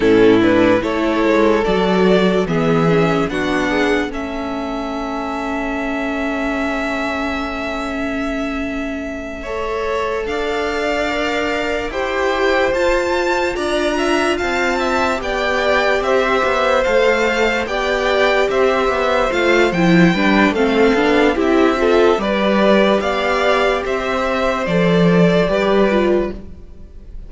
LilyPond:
<<
  \new Staff \with { instrumentName = "violin" } { \time 4/4 \tempo 4 = 73 a'8 b'8 cis''4 d''4 e''4 | fis''4 e''2.~ | e''1~ | e''8 f''2 g''4 a''8~ |
a''8 ais''4 a''4 g''4 e''8~ | e''8 f''4 g''4 e''4 f''8 | g''4 f''4 e''4 d''4 | f''4 e''4 d''2 | }
  \new Staff \with { instrumentName = "violin" } { \time 4/4 e'4 a'2 gis'4 | fis'8 gis'8 a'2.~ | a'2.~ a'8 cis''8~ | cis''8 d''2 c''4.~ |
c''8 d''8 e''8 f''8 e''8 d''4 c''8~ | c''4. d''4 c''4.~ | c''8 b'8 a'4 g'8 a'8 b'4 | d''4 c''2 b'4 | }
  \new Staff \with { instrumentName = "viola" } { \time 4/4 cis'8 d'8 e'4 fis'4 b8 cis'8 | d'4 cis'2.~ | cis'2.~ cis'8 a'8~ | a'4. ais'4 g'4 f'8~ |
f'2~ f'8 g'4.~ | g'8 a'4 g'2 f'8 | e'8 d'8 c'8 d'8 e'8 f'8 g'4~ | g'2 a'4 g'8 f'8 | }
  \new Staff \with { instrumentName = "cello" } { \time 4/4 a,4 a8 gis8 fis4 e4 | b4 a2.~ | a1~ | a8 d'2 e'4 f'8~ |
f'8 d'4 c'4 b4 c'8 | b8 a4 b4 c'8 b8 a8 | f8 g8 a8 b8 c'4 g4 | b4 c'4 f4 g4 | }
>>